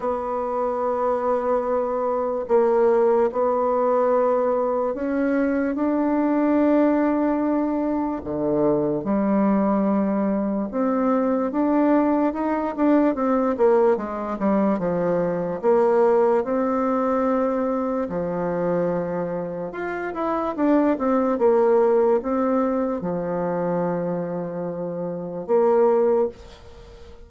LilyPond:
\new Staff \with { instrumentName = "bassoon" } { \time 4/4 \tempo 4 = 73 b2. ais4 | b2 cis'4 d'4~ | d'2 d4 g4~ | g4 c'4 d'4 dis'8 d'8 |
c'8 ais8 gis8 g8 f4 ais4 | c'2 f2 | f'8 e'8 d'8 c'8 ais4 c'4 | f2. ais4 | }